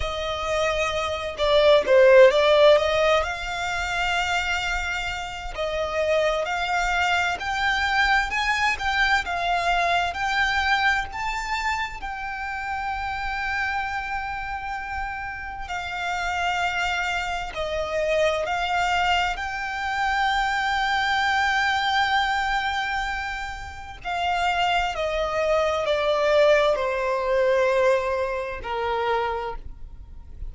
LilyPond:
\new Staff \with { instrumentName = "violin" } { \time 4/4 \tempo 4 = 65 dis''4. d''8 c''8 d''8 dis''8 f''8~ | f''2 dis''4 f''4 | g''4 gis''8 g''8 f''4 g''4 | a''4 g''2.~ |
g''4 f''2 dis''4 | f''4 g''2.~ | g''2 f''4 dis''4 | d''4 c''2 ais'4 | }